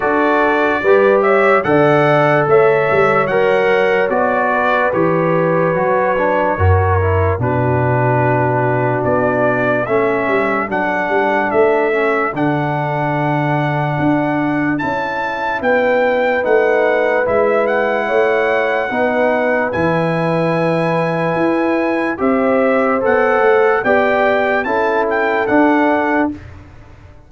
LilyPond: <<
  \new Staff \with { instrumentName = "trumpet" } { \time 4/4 \tempo 4 = 73 d''4. e''8 fis''4 e''4 | fis''4 d''4 cis''2~ | cis''4 b'2 d''4 | e''4 fis''4 e''4 fis''4~ |
fis''2 a''4 g''4 | fis''4 e''8 fis''2~ fis''8 | gis''2. e''4 | fis''4 g''4 a''8 g''8 fis''4 | }
  \new Staff \with { instrumentName = "horn" } { \time 4/4 a'4 b'8 cis''8 d''4 cis''4~ | cis''4. b'2~ b'8 | ais'4 fis'2. | a'1~ |
a'2. b'4~ | b'2 cis''4 b'4~ | b'2. c''4~ | c''4 d''4 a'2 | }
  \new Staff \with { instrumentName = "trombone" } { \time 4/4 fis'4 g'4 a'2 | ais'4 fis'4 g'4 fis'8 d'8 | fis'8 e'8 d'2. | cis'4 d'4. cis'8 d'4~ |
d'2 e'2 | dis'4 e'2 dis'4 | e'2. g'4 | a'4 g'4 e'4 d'4 | }
  \new Staff \with { instrumentName = "tuba" } { \time 4/4 d'4 g4 d4 a8 g8 | fis4 b4 e4 fis4 | fis,4 b,2 b4 | a8 g8 fis8 g8 a4 d4~ |
d4 d'4 cis'4 b4 | a4 gis4 a4 b4 | e2 e'4 c'4 | b8 a8 b4 cis'4 d'4 | }
>>